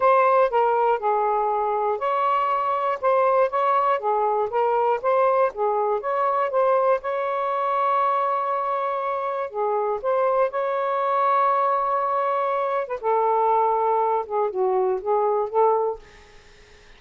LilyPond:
\new Staff \with { instrumentName = "saxophone" } { \time 4/4 \tempo 4 = 120 c''4 ais'4 gis'2 | cis''2 c''4 cis''4 | gis'4 ais'4 c''4 gis'4 | cis''4 c''4 cis''2~ |
cis''2. gis'4 | c''4 cis''2.~ | cis''4.~ cis''16 b'16 a'2~ | a'8 gis'8 fis'4 gis'4 a'4 | }